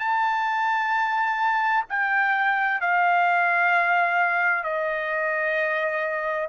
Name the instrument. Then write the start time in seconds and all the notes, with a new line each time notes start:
trumpet
0.00 A5
1.90 G5
2.81 F5
4.64 D#5